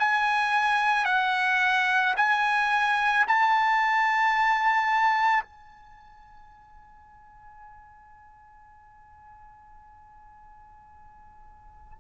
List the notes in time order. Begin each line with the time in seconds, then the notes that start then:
0.00 G#5
1.06 F#5
2.17 G#5
3.28 A5
5.44 G#5